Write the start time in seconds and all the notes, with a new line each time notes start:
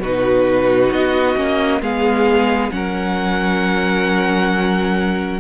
0.00 B2 D#4 F#4 B4
0.91 B3 D#5
1.36 A#3 C#4
1.81 G#3 B3 G#4 F5
2.71 F#3 C#4 A#4 F#5